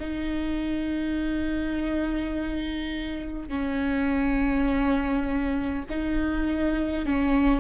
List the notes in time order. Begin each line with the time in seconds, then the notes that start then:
0.00 D#4
3.49 C#4
5.90 D#4
7.06 C#4